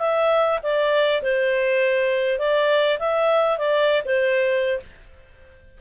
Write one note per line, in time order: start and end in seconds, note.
0.00 0.59 E5
0.63 1.22 D5
1.23 2.39 C5
2.39 2.99 D5
2.99 3.58 E5
3.58 4.03 D5
4.06 4.80 C5